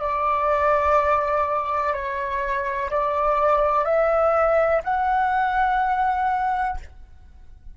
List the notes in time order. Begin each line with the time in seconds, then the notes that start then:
0.00 D5
1.94 C#5
2.90 D5
3.85 E5
4.84 F#5